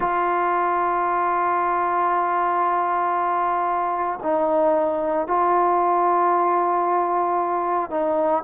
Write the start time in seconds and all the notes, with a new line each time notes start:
0.00 F4
4.22 D#4
5.27 F4
7.90 D#4